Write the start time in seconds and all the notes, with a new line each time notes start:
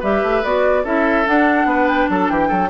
0.00 G3 G4 B4 E5
0.23 A3
0.44 B3 F#4 D5
0.84 C#4 E4 A4 E5
1.26 D4 F#5
1.65 B3 B4
1.88 G5
2.10 F#3 A4 A5
2.29 E3 G4 G5
2.48 F#3 A4